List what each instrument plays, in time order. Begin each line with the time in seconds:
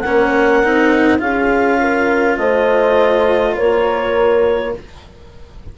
0.00 cello C#4, horn A#4, clarinet F#5
0.06 bassoon A#3
0.63 bassoon C4, cello D#4
1.19 bassoon C#4, cello F4, horn G#4, clarinet F5
1.81 horn A#4
2.37 bassoon A3, horn C5, clarinet D#5
3.55 bassoon A#3, horn A#4, clarinet C#5